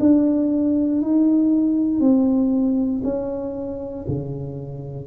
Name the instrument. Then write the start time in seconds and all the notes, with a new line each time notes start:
tuba
0.00 D4
1.01 D#4
2.00 C4
3.04 C#4
4.08 C#3